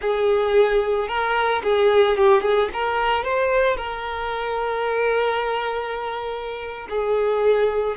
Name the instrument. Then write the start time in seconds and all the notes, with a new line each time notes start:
violin
0.01 G#4
1.07 A#4
1.63 G#4
2.17 G4
2.42 G#4
2.73 A#4
3.24 C5
3.76 A#4
6.89 G#4